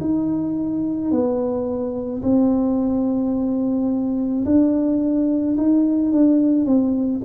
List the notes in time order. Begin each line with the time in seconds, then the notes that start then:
0.00 D#4
1.11 B3
2.22 C4
4.45 D4
5.57 D#4
6.12 D4
6.65 C4